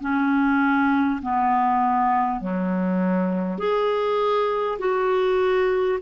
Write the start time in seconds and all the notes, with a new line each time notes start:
0.00 C#4
1.22 B3
2.40 F#3
3.58 G#4
4.78 F#4